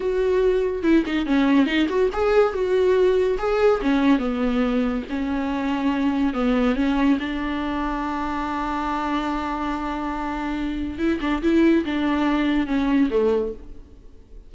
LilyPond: \new Staff \with { instrumentName = "viola" } { \time 4/4 \tempo 4 = 142 fis'2 e'8 dis'8 cis'4 | dis'8 fis'8 gis'4 fis'2 | gis'4 cis'4 b2 | cis'2. b4 |
cis'4 d'2.~ | d'1~ | d'2 e'8 d'8 e'4 | d'2 cis'4 a4 | }